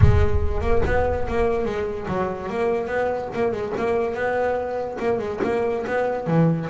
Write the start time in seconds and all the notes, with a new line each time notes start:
0.01 G#3
0.61 A#3
0.85 B3
1.27 A#3
1.65 G#3
2.08 F#3
2.49 A#3
2.87 B3
3.34 A#3
3.52 G#3
3.77 A#3
4.14 B3
4.99 A#3
5.19 G#3
5.43 A#3
5.87 B3
6.27 E3